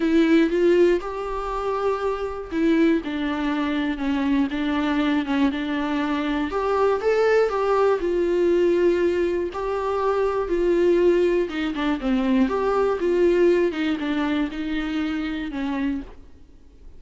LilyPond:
\new Staff \with { instrumentName = "viola" } { \time 4/4 \tempo 4 = 120 e'4 f'4 g'2~ | g'4 e'4 d'2 | cis'4 d'4. cis'8 d'4~ | d'4 g'4 a'4 g'4 |
f'2. g'4~ | g'4 f'2 dis'8 d'8 | c'4 g'4 f'4. dis'8 | d'4 dis'2 cis'4 | }